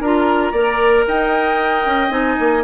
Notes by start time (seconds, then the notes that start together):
0.00 D4 F4 A#4 A#5
0.52 A#3 A#4 D5
1.07 D#4 D#5 G5
1.86 C#4
2.09 C4 D#4 G#5
2.39 A#3